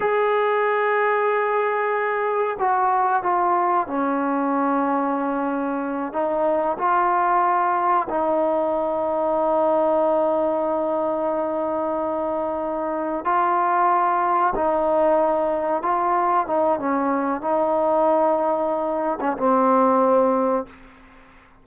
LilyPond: \new Staff \with { instrumentName = "trombone" } { \time 4/4 \tempo 4 = 93 gis'1 | fis'4 f'4 cis'2~ | cis'4. dis'4 f'4.~ | f'8 dis'2.~ dis'8~ |
dis'1~ | dis'8 f'2 dis'4.~ | dis'8 f'4 dis'8 cis'4 dis'4~ | dis'4.~ dis'16 cis'16 c'2 | }